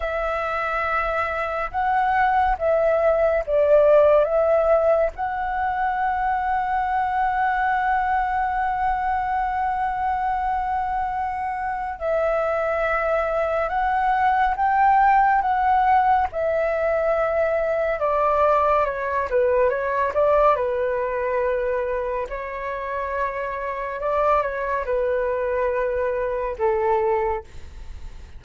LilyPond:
\new Staff \with { instrumentName = "flute" } { \time 4/4 \tempo 4 = 70 e''2 fis''4 e''4 | d''4 e''4 fis''2~ | fis''1~ | fis''2 e''2 |
fis''4 g''4 fis''4 e''4~ | e''4 d''4 cis''8 b'8 cis''8 d''8 | b'2 cis''2 | d''8 cis''8 b'2 a'4 | }